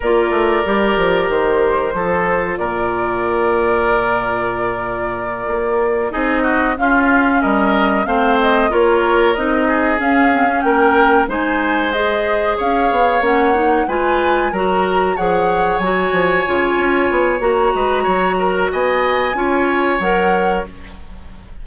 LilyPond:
<<
  \new Staff \with { instrumentName = "flute" } { \time 4/4 \tempo 4 = 93 d''2 c''2 | d''1~ | d''4. dis''4 f''4 dis''8~ | dis''8 f''8 dis''8 cis''4 dis''4 f''8~ |
f''8 g''4 gis''4 dis''4 f''8~ | f''8 fis''4 gis''4 ais''4 fis''8~ | fis''8 gis''2~ gis''8 ais''4~ | ais''4 gis''2 fis''4 | }
  \new Staff \with { instrumentName = "oboe" } { \time 4/4 ais'2. a'4 | ais'1~ | ais'4. gis'8 fis'8 f'4 ais'8~ | ais'8 c''4 ais'4. gis'4~ |
gis'8 ais'4 c''2 cis''8~ | cis''4. b'4 ais'4 cis''8~ | cis''2.~ cis''8 b'8 | cis''8 ais'8 dis''4 cis''2 | }
  \new Staff \with { instrumentName = "clarinet" } { \time 4/4 f'4 g'2 f'4~ | f'1~ | f'4. dis'4 cis'4.~ | cis'8 c'4 f'4 dis'4 cis'8 |
c'16 cis'4~ cis'16 dis'4 gis'4.~ | gis'8 cis'8 dis'8 f'4 fis'4 gis'8~ | gis'8 fis'4 f'4. fis'4~ | fis'2 f'4 ais'4 | }
  \new Staff \with { instrumentName = "bassoon" } { \time 4/4 ais8 a8 g8 f8 dis4 f4 | ais,1~ | ais,8 ais4 c'4 cis'4 g8~ | g8 a4 ais4 c'4 cis'8~ |
cis'8 ais4 gis2 cis'8 | b8 ais4 gis4 fis4 f8~ | f8 fis8 f8 cis8 cis'8 b8 ais8 gis8 | fis4 b4 cis'4 fis4 | }
>>